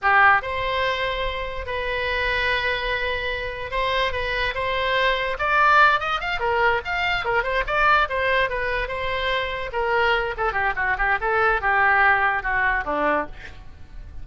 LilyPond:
\new Staff \with { instrumentName = "oboe" } { \time 4/4 \tempo 4 = 145 g'4 c''2. | b'1~ | b'4 c''4 b'4 c''4~ | c''4 d''4. dis''8 f''8 ais'8~ |
ais'8 f''4 ais'8 c''8 d''4 c''8~ | c''8 b'4 c''2 ais'8~ | ais'4 a'8 g'8 fis'8 g'8 a'4 | g'2 fis'4 d'4 | }